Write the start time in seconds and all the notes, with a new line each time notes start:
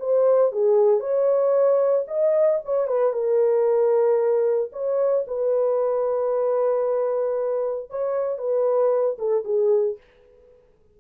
0.00 C5
0.52 G#4
1.00 C#5
2.08 D#5
2.65 C#5
2.88 B4
3.13 A#4
4.73 C#5
5.28 B4
7.90 C#5
8.38 B4
9.19 A4
9.45 G#4